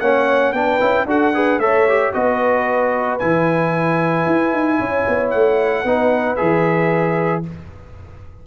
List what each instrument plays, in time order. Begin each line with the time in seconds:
0.00 tuba A#3, trombone C#4, horn C#5, trumpet F#5
0.53 tuba B3, trombone D4, horn B4, trumpet G5
0.80 tuba C#4, trombone E4
1.06 tuba D4, trombone F#4, horn A4, trumpet F#5
1.34 trombone G#4, horn B4
1.58 tuba A3, trombone A4, horn C#5, trumpet E5
1.88 trombone G4
2.13 tuba B3, trombone F#4, horn B4, trumpet D#5
3.18 tuba E3, trombone E4, trumpet G#5
4.26 tuba E4
4.53 tuba D#4
4.79 tuba C#4, horn C#5
5.08 tuba B3
5.30 tuba A3, trumpet F#5
5.84 tuba B3, trombone D#4, horn B4
6.36 tuba E3, trombone G#4, trumpet E5